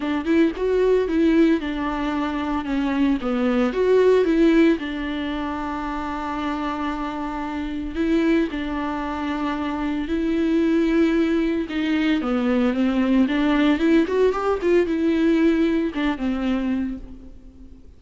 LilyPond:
\new Staff \with { instrumentName = "viola" } { \time 4/4 \tempo 4 = 113 d'8 e'8 fis'4 e'4 d'4~ | d'4 cis'4 b4 fis'4 | e'4 d'2.~ | d'2. e'4 |
d'2. e'4~ | e'2 dis'4 b4 | c'4 d'4 e'8 fis'8 g'8 f'8 | e'2 d'8 c'4. | }